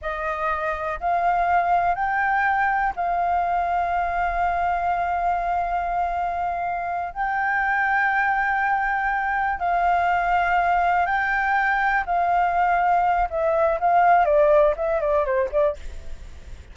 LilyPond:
\new Staff \with { instrumentName = "flute" } { \time 4/4 \tempo 4 = 122 dis''2 f''2 | g''2 f''2~ | f''1~ | f''2~ f''8 g''4.~ |
g''2.~ g''8 f''8~ | f''2~ f''8 g''4.~ | g''8 f''2~ f''8 e''4 | f''4 d''4 e''8 d''8 c''8 d''8 | }